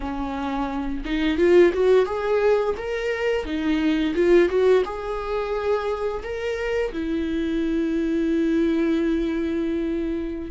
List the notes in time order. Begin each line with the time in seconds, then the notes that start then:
0.00 C#4
1.04 D#4
1.37 F4
1.73 F#4
2.05 G#4
2.77 A#4
3.45 D#4
4.14 F4
4.48 F#4
4.84 G#4
6.23 A#4
6.92 E4